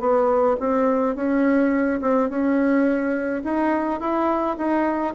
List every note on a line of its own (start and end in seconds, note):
0.00 0.57 B3
0.60 1.16 C4
1.16 2.00 C#4
2.01 2.30 C4
2.30 3.43 C#4
3.44 4.00 D#4
4.00 4.57 E4
4.57 5.14 D#4